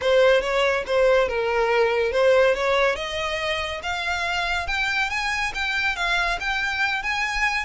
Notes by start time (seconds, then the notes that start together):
0.01 C5
0.41 C#5
0.86 C5
1.28 A#4
2.12 C5
2.55 C#5
2.95 D#5
3.82 F5
4.67 G5
5.09 G#5
5.54 G5
5.96 F5
6.40 G5
7.02 G#5